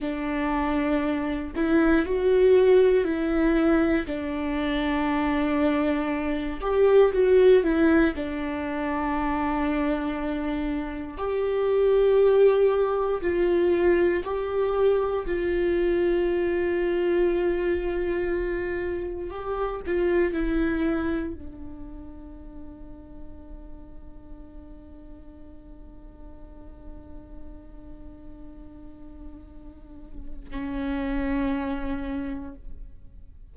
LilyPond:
\new Staff \with { instrumentName = "viola" } { \time 4/4 \tempo 4 = 59 d'4. e'8 fis'4 e'4 | d'2~ d'8 g'8 fis'8 e'8 | d'2. g'4~ | g'4 f'4 g'4 f'4~ |
f'2. g'8 f'8 | e'4 d'2.~ | d'1~ | d'2 cis'2 | }